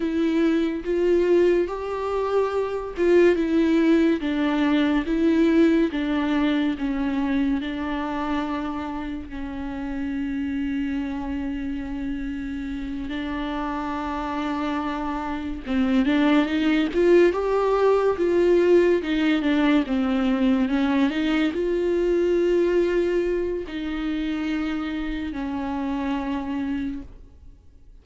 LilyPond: \new Staff \with { instrumentName = "viola" } { \time 4/4 \tempo 4 = 71 e'4 f'4 g'4. f'8 | e'4 d'4 e'4 d'4 | cis'4 d'2 cis'4~ | cis'2.~ cis'8 d'8~ |
d'2~ d'8 c'8 d'8 dis'8 | f'8 g'4 f'4 dis'8 d'8 c'8~ | c'8 cis'8 dis'8 f'2~ f'8 | dis'2 cis'2 | }